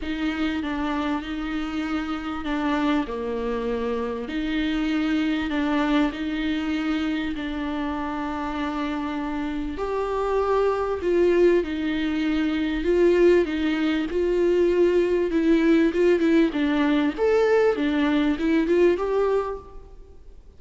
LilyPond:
\new Staff \with { instrumentName = "viola" } { \time 4/4 \tempo 4 = 98 dis'4 d'4 dis'2 | d'4 ais2 dis'4~ | dis'4 d'4 dis'2 | d'1 |
g'2 f'4 dis'4~ | dis'4 f'4 dis'4 f'4~ | f'4 e'4 f'8 e'8 d'4 | a'4 d'4 e'8 f'8 g'4 | }